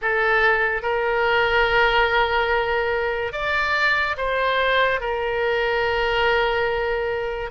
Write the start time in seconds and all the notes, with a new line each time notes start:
0.02 A4
0.82 A#4
3.32 D5
4.17 C5
5.00 A#4